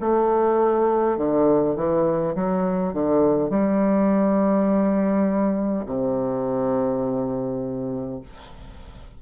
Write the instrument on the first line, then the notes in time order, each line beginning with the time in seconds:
bassoon
0.00 A3
1.17 D3
1.75 E3
2.35 F#3
2.93 D3
3.50 G3
5.86 C3